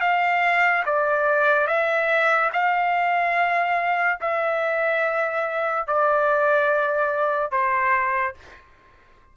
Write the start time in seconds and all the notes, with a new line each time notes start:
0.00 F5
0.86 D5
1.67 E5
2.52 F5
4.20 E5
5.87 D5
7.51 C5